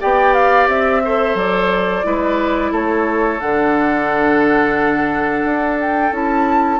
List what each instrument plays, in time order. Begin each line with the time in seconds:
0.00 bassoon B3, clarinet G4, oboe D5, flute G5
0.33 flute F5
0.67 bassoon C4, flute E5
1.04 clarinet A4, oboe C5
1.34 bassoon F#3, flute D5
2.03 bassoon G#3, clarinet E4, oboe B4
2.71 bassoon A3, oboe A4, flute C#5
3.40 bassoon D3, clarinet D4, flute F#5
5.44 bassoon D4
5.79 flute G5
6.11 bassoon C#4, clarinet E4, flute A5